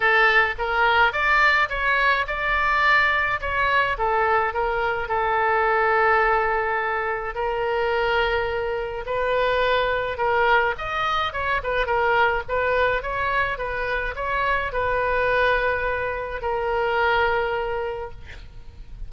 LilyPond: \new Staff \with { instrumentName = "oboe" } { \time 4/4 \tempo 4 = 106 a'4 ais'4 d''4 cis''4 | d''2 cis''4 a'4 | ais'4 a'2.~ | a'4 ais'2. |
b'2 ais'4 dis''4 | cis''8 b'8 ais'4 b'4 cis''4 | b'4 cis''4 b'2~ | b'4 ais'2. | }